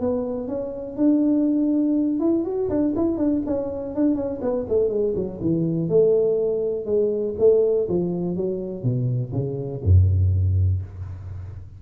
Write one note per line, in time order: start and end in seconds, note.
0.00 0.48 B3
0.48 0.96 C#4
0.96 2.19 D4
2.20 2.44 E4
2.44 2.69 F#4
2.69 2.94 D4
2.96 3.17 E4
3.17 3.42 D4
3.46 3.95 C#4
3.95 4.15 D4
4.15 4.39 C#4
4.41 4.65 B3
4.68 4.89 A3
4.89 5.13 G#3
5.15 5.40 F#3
5.41 5.89 E3
5.89 6.85 A3
6.85 7.34 G#3
7.38 7.87 A3
7.88 8.36 F3
8.36 8.83 F#3
8.83 9.32 B2
9.32 9.81 C#3
9.84 10.82 F#2